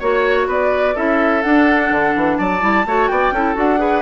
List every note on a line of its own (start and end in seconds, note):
0.00 0.47 A#3
0.00 0.96 F#4
0.00 0.48 C#5
0.00 0.49 C#5
0.47 0.95 B3
0.47 0.95 B4
0.47 0.97 D5
0.95 1.44 C#4
0.95 1.43 E4
0.95 2.38 A4
0.95 1.43 E5
1.43 2.61 D4
1.43 1.91 D4
1.43 2.37 F#5
1.91 2.15 D3
2.16 2.39 E3
2.37 2.62 F#3
2.37 2.86 D5
2.37 3.08 A5
2.61 2.86 G3
2.61 2.85 E4
2.86 3.10 A3
2.86 3.35 F#4
2.86 3.11 C#5
3.08 3.32 B3
3.08 3.34 D5
3.08 3.56 G5
3.32 3.56 C#4
3.32 3.55 E4
3.32 3.80 A4
3.55 4.02 D4
3.55 3.78 F#4
3.55 4.02 F#5
3.78 4.02 G#4
3.78 4.02 B4